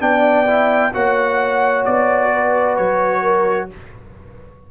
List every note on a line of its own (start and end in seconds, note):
0.00 0.93 B3
0.00 0.46 D4
0.00 0.92 D5
0.00 0.94 G5
0.47 0.93 E4
0.93 1.86 A#3
0.93 3.70 F#4
0.93 2.32 C#5
0.93 1.86 F#5
1.86 2.79 B3
1.86 2.77 D5
2.33 3.22 B4
2.77 3.71 F#3
2.77 3.69 C#5
3.22 3.69 A#4